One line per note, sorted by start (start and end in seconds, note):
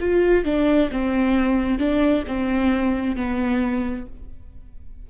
0.00 0.45 F4
0.45 0.90 D4
0.91 1.79 C4
1.79 2.24 D4
2.27 3.16 C4
3.16 4.06 B3